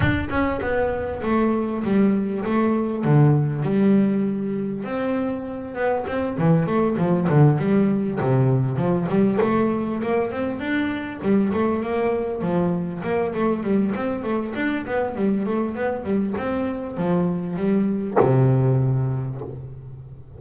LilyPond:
\new Staff \with { instrumentName = "double bass" } { \time 4/4 \tempo 4 = 99 d'8 cis'8 b4 a4 g4 | a4 d4 g2 | c'4. b8 c'8 e8 a8 f8 | d8 g4 c4 f8 g8 a8~ |
a8 ais8 c'8 d'4 g8 a8 ais8~ | ais8 f4 ais8 a8 g8 c'8 a8 | d'8 b8 g8 a8 b8 g8 c'4 | f4 g4 c2 | }